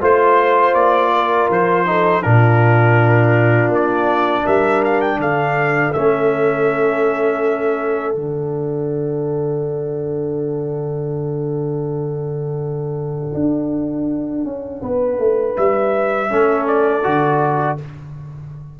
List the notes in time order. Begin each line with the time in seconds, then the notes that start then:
0.00 A3 F4 C5
0.74 A#3 D5
1.12 A#4
1.49 F3 C5
1.85 D#4 A4
2.21 A#2 D4 F4 A#4
3.68 A#3 D5
4.44 G3 A#4 E5
4.84 F5
5.01 G5
5.17 D3 A4 F5
5.93 A3 C#4 E5
8.15 D3 D4 F#5
13.33 D4
14.44 C#4
14.81 B3 B4
15.18 A3
15.56 G3 E5
16.29 A3 C#4 A4
16.67 D5
17.03 D3 F#4